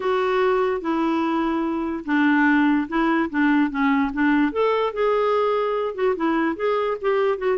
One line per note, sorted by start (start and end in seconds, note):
0.00 0.81 F#4
0.81 2.04 E4
2.05 2.87 D4
2.88 3.29 E4
3.30 3.70 D4
3.70 4.11 C#4
4.13 4.52 D4
4.52 4.93 A4
4.93 5.94 G#4
5.94 6.15 F#4
6.16 6.56 E4
6.56 6.97 G#4
7.01 7.38 G4
7.38 7.57 F#4